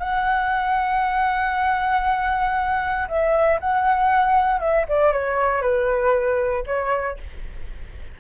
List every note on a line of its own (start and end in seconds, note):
0.00 3.08 F#5
3.08 3.59 E5
3.60 4.60 F#5
4.60 4.86 E5
4.89 5.13 D5
5.13 5.62 C#5
5.62 6.64 B4
6.66 7.18 C#5